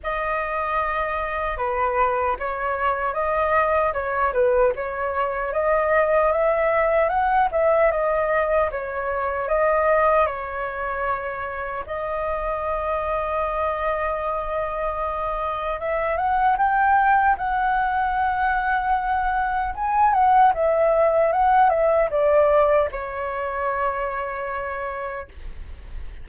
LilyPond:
\new Staff \with { instrumentName = "flute" } { \time 4/4 \tempo 4 = 76 dis''2 b'4 cis''4 | dis''4 cis''8 b'8 cis''4 dis''4 | e''4 fis''8 e''8 dis''4 cis''4 | dis''4 cis''2 dis''4~ |
dis''1 | e''8 fis''8 g''4 fis''2~ | fis''4 gis''8 fis''8 e''4 fis''8 e''8 | d''4 cis''2. | }